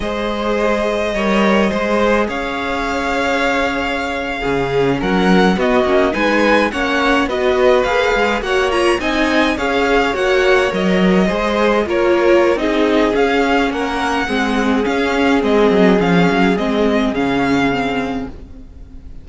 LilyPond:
<<
  \new Staff \with { instrumentName = "violin" } { \time 4/4 \tempo 4 = 105 dis''1 | f''1~ | f''8. fis''4 dis''4 gis''4 fis''16~ | fis''8. dis''4 f''4 fis''8 ais''8 gis''16~ |
gis''8. f''4 fis''4 dis''4~ dis''16~ | dis''8. cis''4~ cis''16 dis''4 f''4 | fis''2 f''4 dis''4 | f''4 dis''4 f''2 | }
  \new Staff \with { instrumentName = "violin" } { \time 4/4 c''2 cis''4 c''4 | cis''2.~ cis''8. gis'16~ | gis'8. ais'4 fis'4 b'4 cis''16~ | cis''8. b'2 cis''4 dis''16~ |
dis''8. cis''2. c''16~ | c''8. ais'4~ ais'16 gis'2 | ais'4 gis'2.~ | gis'1 | }
  \new Staff \with { instrumentName = "viola" } { \time 4/4 gis'2 ais'4 gis'4~ | gis'2.~ gis'8. cis'16~ | cis'4.~ cis'16 b8 cis'8 dis'4 cis'16~ | cis'8. fis'4 gis'4 fis'8 f'8 dis'16~ |
dis'8. gis'4 fis'4 ais'4 gis'16~ | gis'8. f'4~ f'16 dis'4 cis'4~ | cis'4 c'4 cis'4 c'4 | cis'4 c'4 cis'4 c'4 | }
  \new Staff \with { instrumentName = "cello" } { \time 4/4 gis2 g4 gis4 | cis'2.~ cis'8. cis16~ | cis8. fis4 b8 ais8 gis4 ais16~ | ais8. b4 ais8 gis8 ais4 c'16~ |
c'8. cis'4 ais4 fis4 gis16~ | gis8. ais4~ ais16 c'4 cis'4 | ais4 gis4 cis'4 gis8 fis8 | f8 fis8 gis4 cis2 | }
>>